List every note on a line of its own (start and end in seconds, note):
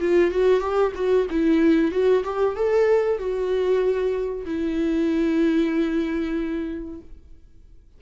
0.00 0.31 F4
0.31 0.60 F#4
0.60 0.92 G4
0.95 1.26 F#4
1.30 1.91 E4
1.91 2.23 F#4
2.23 2.55 G4
2.55 3.18 A4
3.18 4.45 F#4
4.45 7.00 E4